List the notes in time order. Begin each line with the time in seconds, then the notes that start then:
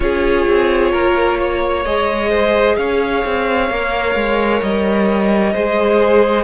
0.00 C#4 F4 G#4 C#5
0.47 C4
0.91 A#3 A#4
1.38 C#5
1.85 G#3 G#4 D#5
2.29 C5
2.77 C#4 C#5 F5
3.25 C4
3.69 A#3 A#4
4.15 G#3
4.62 G3 D#5
5.53 G#3 G#4 C5